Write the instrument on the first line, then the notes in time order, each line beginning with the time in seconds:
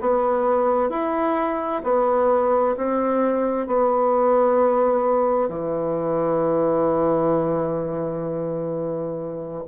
bassoon
0.00 B3
0.89 E4
1.83 B3
2.77 C4
3.67 B3
5.48 E3